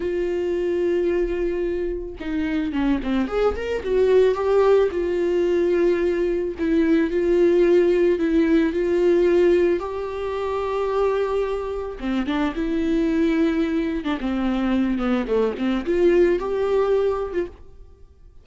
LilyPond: \new Staff \with { instrumentName = "viola" } { \time 4/4 \tempo 4 = 110 f'1 | dis'4 cis'8 c'8 gis'8 ais'8 fis'4 | g'4 f'2. | e'4 f'2 e'4 |
f'2 g'2~ | g'2 c'8 d'8 e'4~ | e'4.~ e'16 d'16 c'4. b8 | a8 c'8 f'4 g'4.~ g'16 f'16 | }